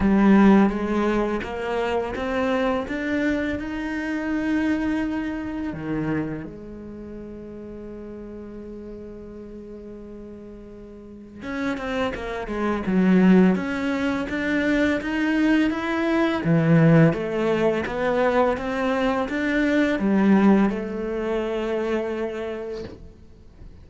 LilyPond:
\new Staff \with { instrumentName = "cello" } { \time 4/4 \tempo 4 = 84 g4 gis4 ais4 c'4 | d'4 dis'2. | dis4 gis2.~ | gis1 |
cis'8 c'8 ais8 gis8 fis4 cis'4 | d'4 dis'4 e'4 e4 | a4 b4 c'4 d'4 | g4 a2. | }